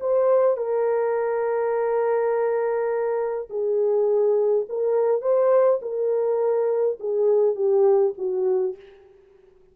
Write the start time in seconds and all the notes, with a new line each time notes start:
0.00 C5
0.57 A#4
3.50 G#4
4.69 A#4
5.21 C5
5.81 A#4
7.00 G#4
7.55 G4
8.17 F#4